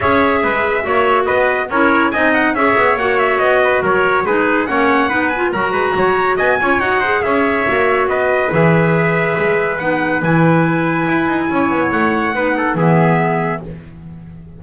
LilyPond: <<
  \new Staff \with { instrumentName = "trumpet" } { \time 4/4 \tempo 4 = 141 e''2. dis''4 | cis''4 gis''8 fis''8 e''4 fis''8 e''8 | dis''4 cis''4 b'4 fis''4~ | fis''8 gis''8 ais''2 gis''4 |
fis''4 e''2 dis''4 | e''2. fis''4 | gis''1 | fis''2 e''2 | }
  \new Staff \with { instrumentName = "trumpet" } { \time 4/4 cis''4 b'4 cis''4 b'4 | ais'4 dis''4 cis''2~ | cis''8 b'8 ais'4 gis'4 cis''4 | b'4 ais'8 b'8 cis''4 dis''8 cis''8~ |
cis''8 c''8 cis''2 b'4~ | b'1~ | b'2. cis''4~ | cis''4 b'8 a'8 gis'2 | }
  \new Staff \with { instrumentName = "clarinet" } { \time 4/4 gis'2 fis'2 | e'4 dis'4 gis'4 fis'4~ | fis'2 dis'4 cis'4 | dis'8 f'8 fis'2~ fis'8 f'8 |
fis'8 gis'4. fis'2 | gis'2. dis'4 | e'1~ | e'4 dis'4 b2 | }
  \new Staff \with { instrumentName = "double bass" } { \time 4/4 cis'4 gis4 ais4 b4 | cis'4 c'4 cis'8 b8 ais4 | b4 fis4 gis4 ais4 | b4 fis8 gis8 fis4 b8 cis'8 |
dis'4 cis'4 ais4 b4 | e2 gis4 b4 | e2 e'8 dis'8 cis'8 b8 | a4 b4 e2 | }
>>